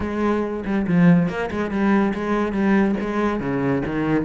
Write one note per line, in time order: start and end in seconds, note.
0.00 0.64 G#3
0.65 0.86 G3
0.87 1.28 F3
1.28 1.50 A#3
1.50 1.70 G#3
1.70 2.13 G3
2.14 2.52 G#3
2.52 2.95 G3
3.00 3.40 G#3
3.40 3.82 C#3
3.85 4.25 D#3